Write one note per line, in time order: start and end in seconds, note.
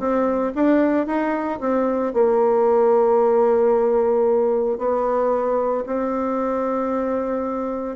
0.00 0.53 C4
0.56 1.07 D4
1.07 1.60 D#4
1.61 2.14 C4
2.14 4.78 A#3
4.78 5.85 B3
5.86 7.97 C4